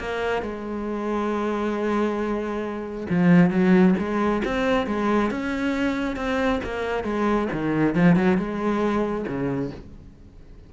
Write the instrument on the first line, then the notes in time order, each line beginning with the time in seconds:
cello
0.00 A#3
0.43 G#3
3.10 F3
3.51 F#3
3.99 G#3
4.45 C4
4.87 G#3
5.31 C#4
6.16 C4
6.64 A#3
7.04 G#3
7.53 D#3
7.96 F3
8.16 F#3
8.38 G#3
9.27 C#3